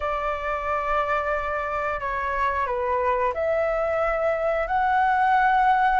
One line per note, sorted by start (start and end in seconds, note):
0.00 2.00 D5
2.00 2.66 C#5
2.66 3.33 B4
3.34 4.67 E5
4.67 6.00 F#5